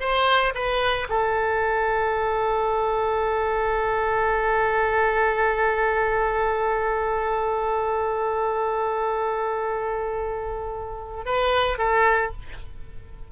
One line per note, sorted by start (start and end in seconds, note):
0.00 0.54 C5
0.54 1.08 B4
1.09 11.25 A4
11.25 11.78 B4
11.78 12.32 A4